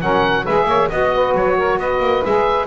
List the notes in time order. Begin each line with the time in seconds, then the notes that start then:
0.00 F#3 C#4 A#4 F#5
0.43 G#3 G#4 B4 E5
0.65 A#3 C#5
0.89 B3 F#4 D#5
1.14 B4
1.34 F#3 C#5
1.57 A#4
1.78 B3 B4 D#5
2.00 A#3
2.24 G#3 G#4 E5